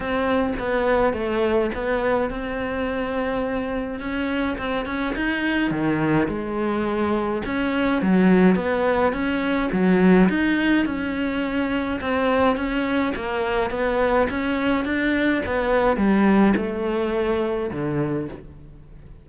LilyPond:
\new Staff \with { instrumentName = "cello" } { \time 4/4 \tempo 4 = 105 c'4 b4 a4 b4 | c'2. cis'4 | c'8 cis'8 dis'4 dis4 gis4~ | gis4 cis'4 fis4 b4 |
cis'4 fis4 dis'4 cis'4~ | cis'4 c'4 cis'4 ais4 | b4 cis'4 d'4 b4 | g4 a2 d4 | }